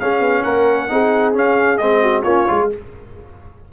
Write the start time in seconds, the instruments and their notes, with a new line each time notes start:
0.00 tuba C#4, trombone C#4, horn G#4, trumpet F5
0.20 tuba B3
0.44 tuba A#3, horn A#4, trumpet F#5
0.89 tuba C4, trombone D#4, horn G#4
1.34 trombone C#4, tuba C#4, trumpet F5
1.78 tuba G#3, trombone C4, trumpet D#5
2.03 horn F#4
2.23 tuba A#3, trombone C#4, horn F4, trumpet C#5
2.48 tuba G#3, trombone F4